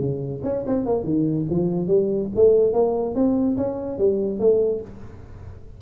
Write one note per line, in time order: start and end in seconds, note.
0.00 0.42 C#3
0.44 0.64 C#4
0.67 0.86 C4
0.86 1.04 A#3
1.04 1.46 D#3
1.50 1.87 F3
1.87 2.29 G3
2.35 2.73 A3
2.73 3.15 A#3
3.15 3.57 C4
3.57 3.98 C#4
3.98 4.40 G3
4.40 4.81 A3